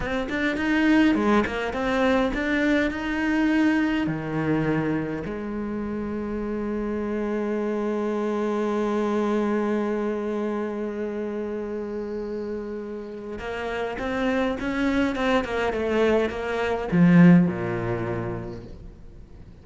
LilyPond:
\new Staff \with { instrumentName = "cello" } { \time 4/4 \tempo 4 = 103 c'8 d'8 dis'4 gis8 ais8 c'4 | d'4 dis'2 dis4~ | dis4 gis2.~ | gis1~ |
gis1~ | gis2. ais4 | c'4 cis'4 c'8 ais8 a4 | ais4 f4 ais,2 | }